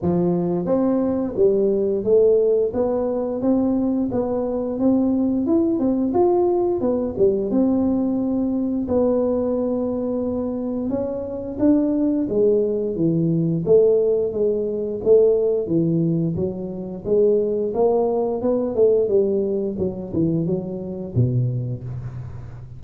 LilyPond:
\new Staff \with { instrumentName = "tuba" } { \time 4/4 \tempo 4 = 88 f4 c'4 g4 a4 | b4 c'4 b4 c'4 | e'8 c'8 f'4 b8 g8 c'4~ | c'4 b2. |
cis'4 d'4 gis4 e4 | a4 gis4 a4 e4 | fis4 gis4 ais4 b8 a8 | g4 fis8 e8 fis4 b,4 | }